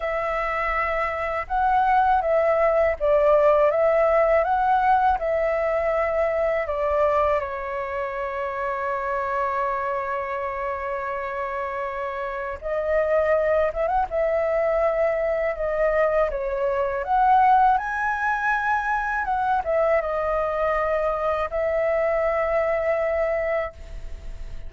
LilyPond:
\new Staff \with { instrumentName = "flute" } { \time 4/4 \tempo 4 = 81 e''2 fis''4 e''4 | d''4 e''4 fis''4 e''4~ | e''4 d''4 cis''2~ | cis''1~ |
cis''4 dis''4. e''16 fis''16 e''4~ | e''4 dis''4 cis''4 fis''4 | gis''2 fis''8 e''8 dis''4~ | dis''4 e''2. | }